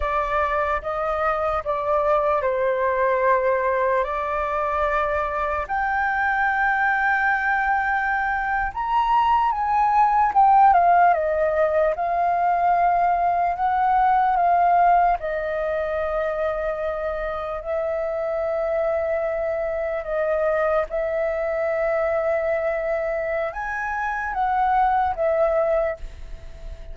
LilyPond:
\new Staff \with { instrumentName = "flute" } { \time 4/4 \tempo 4 = 74 d''4 dis''4 d''4 c''4~ | c''4 d''2 g''4~ | g''2~ g''8. ais''4 gis''16~ | gis''8. g''8 f''8 dis''4 f''4~ f''16~ |
f''8. fis''4 f''4 dis''4~ dis''16~ | dis''4.~ dis''16 e''2~ e''16~ | e''8. dis''4 e''2~ e''16~ | e''4 gis''4 fis''4 e''4 | }